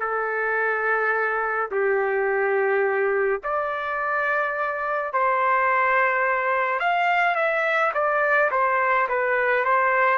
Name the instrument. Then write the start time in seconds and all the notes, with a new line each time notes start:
trumpet
0.00 A4
1.71 G4
3.44 D5
5.14 C5
6.80 F5
7.35 E5
7.94 D5
8.52 C5
9.09 B4
9.65 C5